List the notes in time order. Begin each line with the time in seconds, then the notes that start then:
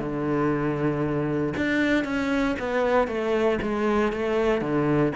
0.00 D3
1.57 D4
2.05 C#4
2.59 B3
3.08 A3
3.62 G#3
4.13 A3
4.62 D3